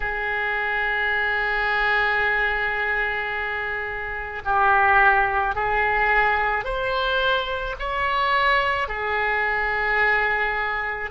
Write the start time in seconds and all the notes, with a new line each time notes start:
0.00 G#4
4.44 G4
5.55 G#4
6.64 C5
7.79 C#5
8.88 G#4